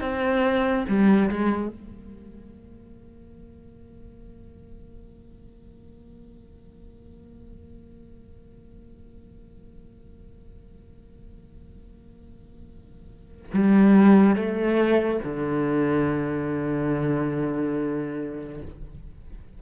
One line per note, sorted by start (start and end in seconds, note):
0.00 0.85 C4
0.88 1.29 G3
1.29 1.68 G#3
1.68 13.51 A#3
13.53 14.35 G3
14.35 15.20 A3
15.23 18.61 D3